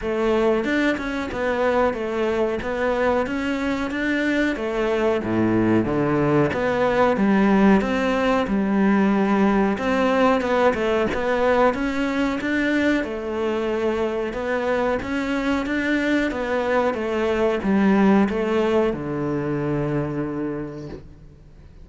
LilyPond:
\new Staff \with { instrumentName = "cello" } { \time 4/4 \tempo 4 = 92 a4 d'8 cis'8 b4 a4 | b4 cis'4 d'4 a4 | a,4 d4 b4 g4 | c'4 g2 c'4 |
b8 a8 b4 cis'4 d'4 | a2 b4 cis'4 | d'4 b4 a4 g4 | a4 d2. | }